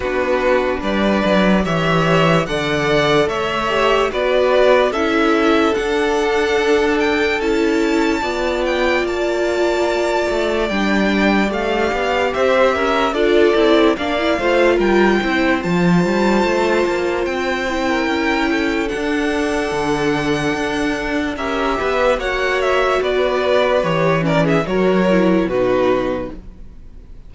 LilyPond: <<
  \new Staff \with { instrumentName = "violin" } { \time 4/4 \tempo 4 = 73 b'4 d''4 e''4 fis''4 | e''4 d''4 e''4 fis''4~ | fis''8 g''8 a''4. g''8 a''4~ | a''4 g''4 f''4 e''4 |
d''4 f''4 g''4 a''4~ | a''4 g''2 fis''4~ | fis''2 e''4 fis''8 e''8 | d''4 cis''8 d''16 e''16 cis''4 b'4 | }
  \new Staff \with { instrumentName = "violin" } { \time 4/4 fis'4 b'4 cis''4 d''4 | cis''4 b'4 a'2~ | a'2 d''2~ | d''2. c''8 ais'8 |
a'4 d''8 c''8 ais'8 c''4.~ | c''4.~ c''16 ais'8. a'4.~ | a'2 ais'8 b'8 cis''4 | b'4. ais'16 gis'16 ais'4 fis'4 | }
  \new Staff \with { instrumentName = "viola" } { \time 4/4 d'2 g'4 a'4~ | a'8 g'8 fis'4 e'4 d'4~ | d'4 e'4 f'2~ | f'4 d'4 g'2 |
f'8 e'8 d'16 e'16 f'4 e'8 f'4~ | f'4. e'4. d'4~ | d'2 g'4 fis'4~ | fis'4 g'8 cis'8 fis'8 e'8 dis'4 | }
  \new Staff \with { instrumentName = "cello" } { \time 4/4 b4 g8 fis8 e4 d4 | a4 b4 cis'4 d'4~ | d'4 cis'4 b4 ais4~ | ais8 a8 g4 a8 b8 c'8 cis'8 |
d'8 c'8 ais8 a8 g8 c'8 f8 g8 | a8 ais8 c'4 cis'4 d'4 | d4 d'4 cis'8 b8 ais4 | b4 e4 fis4 b,4 | }
>>